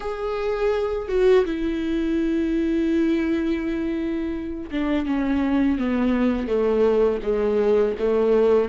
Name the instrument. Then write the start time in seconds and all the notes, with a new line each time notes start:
viola
0.00 G#4
1.08 F#4
1.45 E4
4.71 D4
5.06 C#4
5.78 B3
6.47 A3
7.23 G#3
7.98 A3